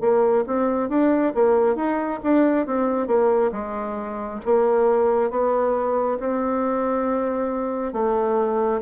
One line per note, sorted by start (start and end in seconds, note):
0.00 0.44 A#3
0.47 0.89 C4
0.89 1.33 D4
1.34 1.75 A#3
1.75 2.19 D#4
2.23 2.66 D4
2.66 3.07 C4
3.07 3.51 A#3
3.52 4.40 G#3
4.45 5.30 A#3
5.30 6.18 B3
6.19 7.93 C4
7.93 8.81 A3